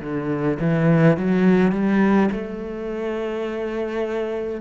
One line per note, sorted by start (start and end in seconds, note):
0.00 0.58 D3
0.59 1.17 E3
1.17 1.72 F#3
1.72 2.29 G3
2.31 4.60 A3